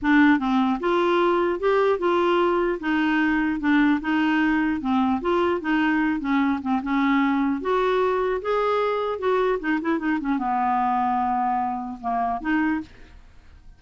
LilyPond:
\new Staff \with { instrumentName = "clarinet" } { \time 4/4 \tempo 4 = 150 d'4 c'4 f'2 | g'4 f'2 dis'4~ | dis'4 d'4 dis'2 | c'4 f'4 dis'4. cis'8~ |
cis'8 c'8 cis'2 fis'4~ | fis'4 gis'2 fis'4 | dis'8 e'8 dis'8 cis'8 b2~ | b2 ais4 dis'4 | }